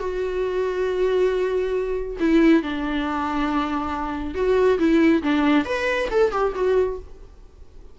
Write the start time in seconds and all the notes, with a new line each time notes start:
0.00 F#4
2.20 E4
2.63 D4
4.35 F#4
4.79 E4
5.23 D4
5.66 B4
6.11 A4
6.32 G4
6.56 F#4